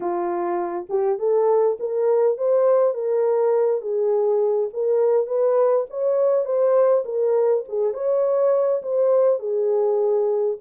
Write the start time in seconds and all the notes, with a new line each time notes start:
0.00 F4
0.89 G4
1.18 A4
1.79 A#4
2.37 C5
2.94 A#4
3.81 G#4
4.73 A#4
5.26 B4
5.90 C#5
6.45 C5
7.04 A#4
7.68 G#4
7.93 C#5
8.82 C5
9.39 G#4